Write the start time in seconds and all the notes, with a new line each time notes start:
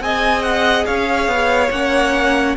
0.00 C4 G#4 D#5 G#5
0.42 F#5
0.86 C#4 C#5 F5
1.27 B3
1.70 A#3 C#4 F#5